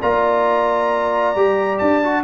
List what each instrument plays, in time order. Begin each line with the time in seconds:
0.00 tuba A#3, trombone F4, horn D5, trumpet A#5
1.35 tuba G3, trombone G4
1.78 tuba D4, trumpet A5
2.03 trombone F#4